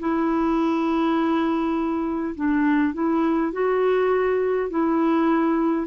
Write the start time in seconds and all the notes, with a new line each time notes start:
0.00 E4
2.36 D4
2.94 E4
3.53 F#4
4.71 E4